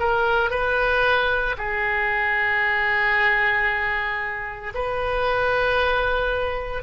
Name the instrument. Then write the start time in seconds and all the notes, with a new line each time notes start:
oboe
0.00 A#4
0.51 B4
1.58 G#4
4.75 B4